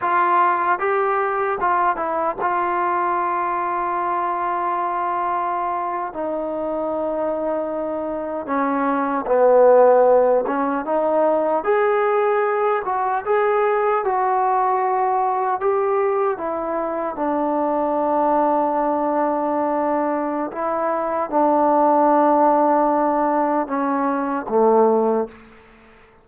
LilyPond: \new Staff \with { instrumentName = "trombone" } { \time 4/4 \tempo 4 = 76 f'4 g'4 f'8 e'8 f'4~ | f'2.~ f'8. dis'16~ | dis'2~ dis'8. cis'4 b16~ | b4~ b16 cis'8 dis'4 gis'4~ gis'16~ |
gis'16 fis'8 gis'4 fis'2 g'16~ | g'8. e'4 d'2~ d'16~ | d'2 e'4 d'4~ | d'2 cis'4 a4 | }